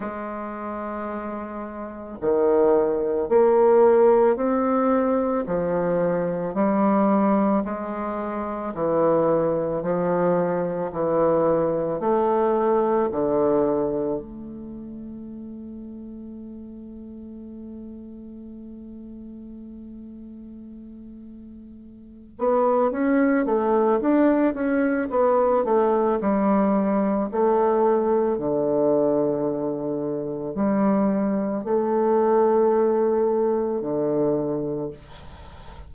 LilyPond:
\new Staff \with { instrumentName = "bassoon" } { \time 4/4 \tempo 4 = 55 gis2 dis4 ais4 | c'4 f4 g4 gis4 | e4 f4 e4 a4 | d4 a2.~ |
a1~ | a8 b8 cis'8 a8 d'8 cis'8 b8 a8 | g4 a4 d2 | g4 a2 d4 | }